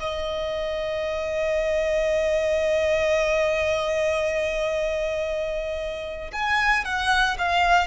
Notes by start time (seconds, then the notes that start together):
0.00 D#5
6.33 G#5
6.85 F#5
7.38 F5